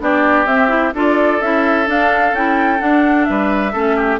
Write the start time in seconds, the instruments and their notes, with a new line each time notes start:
0.00 bassoon B3, clarinet D4, oboe G4, flute D5
0.46 bassoon C4, clarinet C4, flute E5
0.69 clarinet E4
0.94 bassoon D4, clarinet F4, oboe A4, flute D5
1.42 bassoon C#4, clarinet E4, flute E5
1.87 clarinet D4, bassoon D4, flute F5
2.33 bassoon C#4, clarinet E4, flute G5
2.79 clarinet D4, bassoon D4, flute F#5
3.25 bassoon G3, oboe B4, flute E5
3.73 bassoon A3, clarinet C#4, oboe A4
3.96 oboe G4